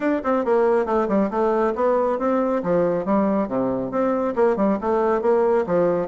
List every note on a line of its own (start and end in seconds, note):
0.00 0.22 D4
0.23 0.45 C4
0.45 0.85 A#3
0.85 1.07 A3
1.08 1.30 G3
1.30 1.73 A3
1.75 2.18 B3
2.19 2.62 C4
2.63 3.05 F3
3.05 3.48 G3
3.48 3.91 C3
3.91 4.34 C4
4.35 4.56 A#3
4.56 4.78 G3
4.80 5.21 A3
5.21 5.65 A#3
5.66 6.08 F3